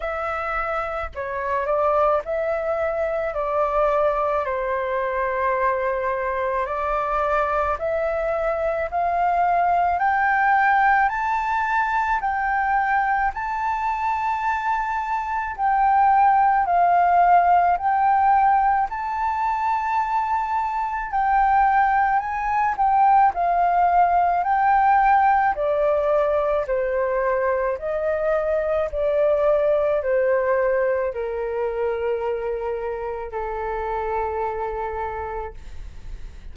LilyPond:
\new Staff \with { instrumentName = "flute" } { \time 4/4 \tempo 4 = 54 e''4 cis''8 d''8 e''4 d''4 | c''2 d''4 e''4 | f''4 g''4 a''4 g''4 | a''2 g''4 f''4 |
g''4 a''2 g''4 | gis''8 g''8 f''4 g''4 d''4 | c''4 dis''4 d''4 c''4 | ais'2 a'2 | }